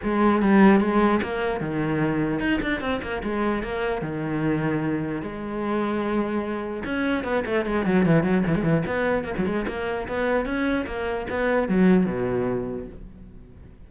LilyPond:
\new Staff \with { instrumentName = "cello" } { \time 4/4 \tempo 4 = 149 gis4 g4 gis4 ais4 | dis2 dis'8 d'8 c'8 ais8 | gis4 ais4 dis2~ | dis4 gis2.~ |
gis4 cis'4 b8 a8 gis8 fis8 | e8 fis8 e16 gis16 e8 b4 ais16 fis16 gis8 | ais4 b4 cis'4 ais4 | b4 fis4 b,2 | }